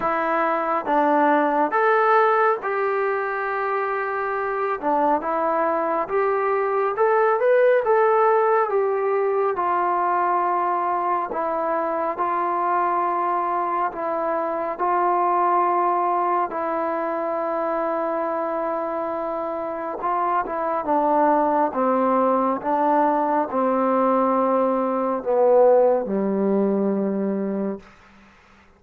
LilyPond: \new Staff \with { instrumentName = "trombone" } { \time 4/4 \tempo 4 = 69 e'4 d'4 a'4 g'4~ | g'4. d'8 e'4 g'4 | a'8 b'8 a'4 g'4 f'4~ | f'4 e'4 f'2 |
e'4 f'2 e'4~ | e'2. f'8 e'8 | d'4 c'4 d'4 c'4~ | c'4 b4 g2 | }